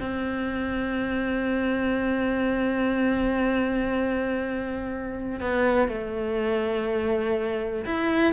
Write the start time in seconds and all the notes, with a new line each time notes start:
0.00 C4
5.41 B3
5.88 A3
7.86 E4